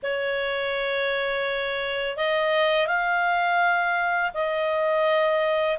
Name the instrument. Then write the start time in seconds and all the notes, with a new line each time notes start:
clarinet
0.02 C#5
2.17 D#5
2.86 F5
4.33 D#5